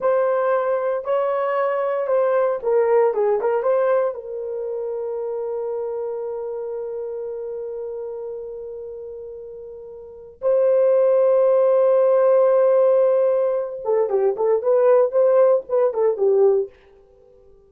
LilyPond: \new Staff \with { instrumentName = "horn" } { \time 4/4 \tempo 4 = 115 c''2 cis''2 | c''4 ais'4 gis'8 ais'8 c''4 | ais'1~ | ais'1~ |
ais'1 | c''1~ | c''2~ c''8 a'8 g'8 a'8 | b'4 c''4 b'8 a'8 g'4 | }